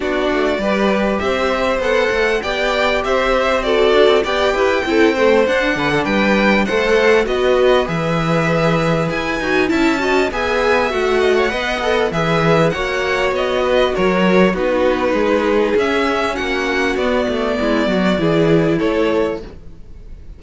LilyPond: <<
  \new Staff \with { instrumentName = "violin" } { \time 4/4 \tempo 4 = 99 d''2 e''4 fis''4 | g''4 e''4 d''4 g''4~ | g''4 fis''4 g''4 fis''4 | dis''4 e''2 gis''4 |
a''4 gis''4 fis''2 | e''4 fis''4 dis''4 cis''4 | b'2 e''4 fis''4 | d''2. cis''4 | }
  \new Staff \with { instrumentName = "violin" } { \time 4/4 fis'4 b'4 c''2 | d''4 c''4 a'4 d''8 b'8 | a'8 c''4 b'16 a'16 b'4 c''4 | b'1 |
e''8 dis''8 e''4. dis''16 cis''16 dis''4 | b'4 cis''4. b'8 ais'4 | fis'4 gis'2 fis'4~ | fis'4 e'8 fis'8 gis'4 a'4 | }
  \new Staff \with { instrumentName = "viola" } { \time 4/4 d'4 g'2 a'4 | g'2 fis'4 g'4 | e'8 a8 d'2 a'4 | fis'4 gis'2~ gis'8 fis'8 |
e'8 fis'8 gis'4 fis'4 b'8 a'8 | gis'4 fis'2. | dis'2 cis'2 | b2 e'2 | }
  \new Staff \with { instrumentName = "cello" } { \time 4/4 b8 a8 g4 c'4 b8 a8 | b4 c'4. d'16 c'16 b8 e'8 | c'4 d'8 d8 g4 a4 | b4 e2 e'8 dis'8 |
cis'4 b4 a4 b4 | e4 ais4 b4 fis4 | b4 gis4 cis'4 ais4 | b8 a8 gis8 fis8 e4 a4 | }
>>